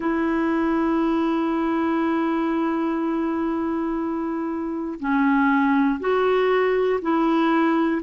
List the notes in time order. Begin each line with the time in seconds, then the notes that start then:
0.00 E4
4.99 C#4
6.00 F#4
7.01 E4